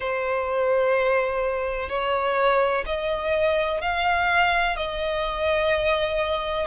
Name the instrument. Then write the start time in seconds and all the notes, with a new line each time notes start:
violin
0.00 C5
1.89 C#5
2.86 D#5
3.81 F5
4.76 D#5